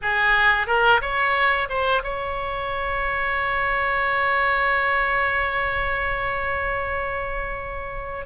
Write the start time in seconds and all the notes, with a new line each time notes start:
0.02 G#4
0.66 A#4
1.01 C#5
1.69 C5
2.03 C#5